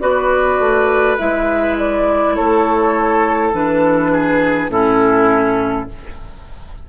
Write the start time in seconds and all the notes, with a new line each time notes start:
0.00 B3 F#4 B4 D5
0.60 A3
1.18 G#3 E4 E5
1.78 D5
2.36 A3 A4 C#5
3.54 E3 D4 B4
4.12 G#4
4.69 A2 C#4 E4 A4